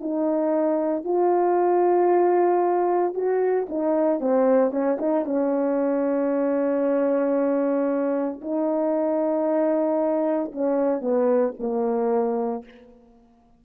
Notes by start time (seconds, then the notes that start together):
0.00 D#4
1.04 F4
3.14 F#4
3.69 D#4
4.20 C4
4.71 C#4
4.99 D#4
5.25 C#4
8.41 D#4
10.52 C#4
11.01 B3
11.59 A#3